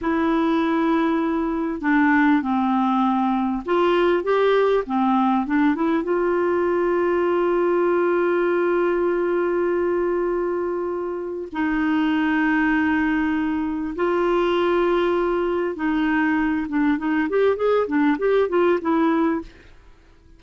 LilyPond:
\new Staff \with { instrumentName = "clarinet" } { \time 4/4 \tempo 4 = 99 e'2. d'4 | c'2 f'4 g'4 | c'4 d'8 e'8 f'2~ | f'1~ |
f'2. dis'4~ | dis'2. f'4~ | f'2 dis'4. d'8 | dis'8 g'8 gis'8 d'8 g'8 f'8 e'4 | }